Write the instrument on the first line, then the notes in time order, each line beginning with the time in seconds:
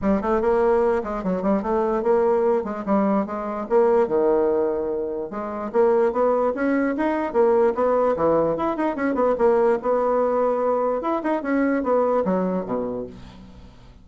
bassoon
0.01 G3
0.21 A3
0.41 A#3
1.03 G#3
1.23 F#3
1.42 G3
1.62 A3
2.03 A#3
2.63 G#3
2.85 G3
3.26 G#3
3.69 A#3
4.07 D#3
5.30 G#3
5.72 A#3
6.12 B3
6.54 C#4
6.96 D#4
7.33 A#3
7.74 B3
8.16 E3
8.56 E4
8.77 D#4
8.96 C#4
9.14 B3
9.38 A#3
9.81 B3
11.01 E4
11.23 D#4
11.42 C#4
11.83 B3
12.24 F#3
12.65 B2